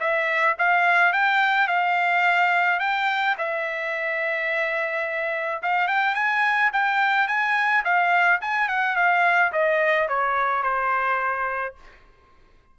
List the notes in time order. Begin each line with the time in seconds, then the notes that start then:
0.00 E5
0.59 F5
1.13 G5
1.68 F5
2.80 G5
3.38 E5
5.63 F5
5.88 G5
6.15 G#5
6.73 G5
7.28 G#5
7.85 F5
8.42 G#5
8.69 F#5
8.96 F5
9.53 D#5
10.09 C#5
10.63 C5